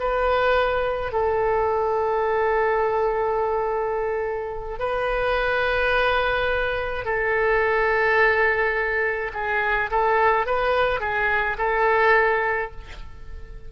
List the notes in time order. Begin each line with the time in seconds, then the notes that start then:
0.00 B4
1.12 A4
4.79 B4
7.05 A4
9.33 G#4
9.91 A4
10.46 B4
11.00 G#4
11.58 A4